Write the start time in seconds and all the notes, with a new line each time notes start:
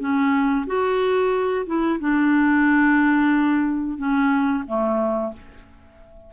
0.00 C#4
0.67 F#4
1.67 E4
2.00 D4
3.98 C#4
4.67 A3